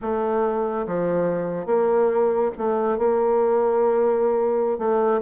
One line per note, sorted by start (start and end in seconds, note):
0.01 0.86 A3
0.86 1.66 F3
1.66 2.51 A#3
2.57 2.97 A3
2.97 4.78 A#3
4.78 5.21 A3